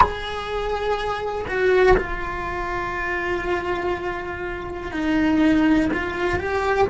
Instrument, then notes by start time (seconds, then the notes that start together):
cello
0.00 G#4
1.47 F#4
1.97 F4
4.91 D#4
5.93 F4
6.38 G4